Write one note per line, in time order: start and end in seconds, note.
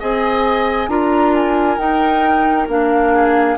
0.00 0.88 C4
0.00 0.89 G#4
0.00 0.90 D#5
0.00 0.89 G#5
0.88 1.78 D4
0.88 1.78 F4
0.88 3.13 A#4
0.88 1.34 A#5
1.35 1.78 G#5
1.78 2.67 D#4
1.78 2.68 D#4
1.78 2.67 G5
2.68 3.57 A#3
2.68 3.58 D4
2.68 3.58 F5
3.13 3.58 G#4